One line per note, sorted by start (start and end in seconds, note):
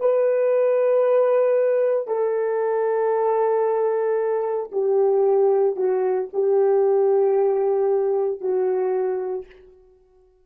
0.00 2.08 B4
2.08 4.71 A4
4.72 5.76 G4
5.76 6.29 F#4
6.33 8.41 G4
8.41 9.46 F#4